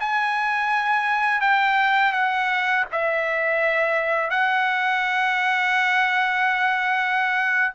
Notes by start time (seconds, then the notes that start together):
0.00 G#5
1.41 G5
2.13 F#5
2.92 E5
4.30 F#5